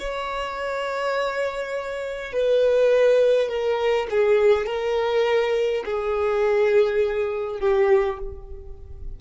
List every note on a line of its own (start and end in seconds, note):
0.00 2.33 C#5
2.33 3.49 B4
3.49 4.07 A#4
4.11 4.66 G#4
4.66 5.84 A#4
5.85 7.60 G#4
7.60 8.19 G4